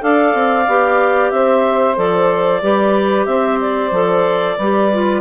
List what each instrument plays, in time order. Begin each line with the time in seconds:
0.00 bassoon D4, clarinet A4 F5, saxophone D5
0.34 bassoon C4
0.67 bassoon B3, clarinet G4
1.30 bassoon C4, saxophone C5, clarinet E5
1.95 bassoon F3, clarinet A4 D5
2.61 bassoon G3, clarinet G4, saxophone B4
3.25 bassoon C4, saxophone C5, clarinet E5
3.61 clarinet D5
3.91 bassoon F3, clarinet A4
4.56 bassoon G3, clarinet G4, saxophone B4
4.92 clarinet F4